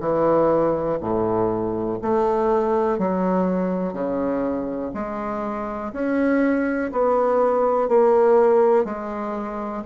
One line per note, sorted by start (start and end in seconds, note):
0.00 0.98 E3
1.01 1.99 A2
2.02 2.99 A3
2.99 3.93 F#3
3.93 4.92 C#3
4.94 5.92 G#3
5.93 6.91 C#4
6.92 7.89 B3
7.89 8.85 A#3
8.85 9.84 G#3